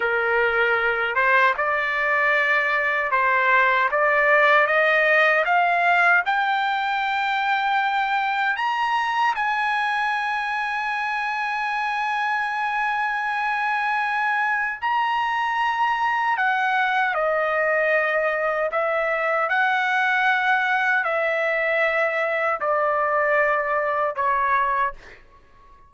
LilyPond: \new Staff \with { instrumentName = "trumpet" } { \time 4/4 \tempo 4 = 77 ais'4. c''8 d''2 | c''4 d''4 dis''4 f''4 | g''2. ais''4 | gis''1~ |
gis''2. ais''4~ | ais''4 fis''4 dis''2 | e''4 fis''2 e''4~ | e''4 d''2 cis''4 | }